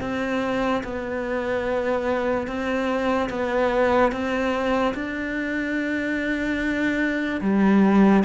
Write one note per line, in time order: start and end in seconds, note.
0.00 0.82 C4
0.83 2.47 B3
2.47 3.29 C4
3.30 4.12 B3
4.12 4.94 C4
4.94 7.40 D4
7.41 8.23 G3